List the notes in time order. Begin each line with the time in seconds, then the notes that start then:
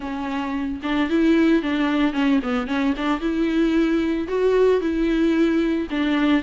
0.00 C#4
0.82 D4
1.09 E4
1.62 D4
2.13 C#4
2.43 B3
2.67 C#4
2.96 D4
3.20 E4
4.28 F#4
4.80 E4
5.90 D4